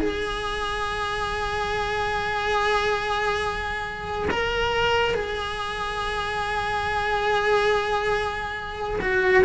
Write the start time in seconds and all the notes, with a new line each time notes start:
0.00 G#4
4.31 A#4
5.14 G#4
9.01 F#4